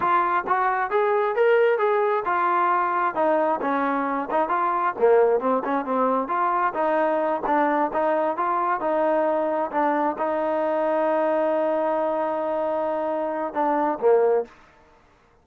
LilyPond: \new Staff \with { instrumentName = "trombone" } { \time 4/4 \tempo 4 = 133 f'4 fis'4 gis'4 ais'4 | gis'4 f'2 dis'4 | cis'4. dis'8 f'4 ais4 | c'8 cis'8 c'4 f'4 dis'4~ |
dis'8 d'4 dis'4 f'4 dis'8~ | dis'4. d'4 dis'4.~ | dis'1~ | dis'2 d'4 ais4 | }